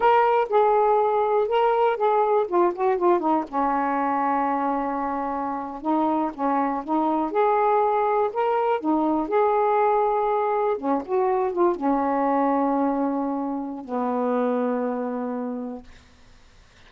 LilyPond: \new Staff \with { instrumentName = "saxophone" } { \time 4/4 \tempo 4 = 121 ais'4 gis'2 ais'4 | gis'4 f'8 fis'8 f'8 dis'8 cis'4~ | cis'2.~ cis'8. dis'16~ | dis'8. cis'4 dis'4 gis'4~ gis'16~ |
gis'8. ais'4 dis'4 gis'4~ gis'16~ | gis'4.~ gis'16 cis'8 fis'4 f'8 cis'16~ | cis'1 | b1 | }